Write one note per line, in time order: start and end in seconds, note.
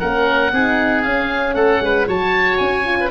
0.00 0.53 A#3
0.00 0.54 C#4
0.00 0.52 A#4
0.00 1.03 F#5
0.53 1.05 C4
0.53 1.06 D#4
0.53 1.56 G#4
1.03 1.55 C#4
1.03 2.08 C#4
1.03 1.55 F5
1.55 1.81 A3
1.55 1.82 A4
1.55 2.06 F#5
1.81 2.07 G#3
1.81 2.08 B4
2.08 2.59 F#3
2.08 2.85 F#4
2.08 2.98 C#5
2.08 2.58 A5
2.58 3.12 C#4
2.58 3.09 G#5
2.85 3.10 F4
3.01 3.12 B4